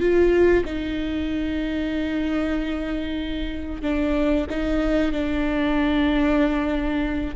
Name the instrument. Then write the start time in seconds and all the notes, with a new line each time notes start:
viola
0.00 F4
0.65 D#4
3.82 D4
4.50 D#4
5.12 D4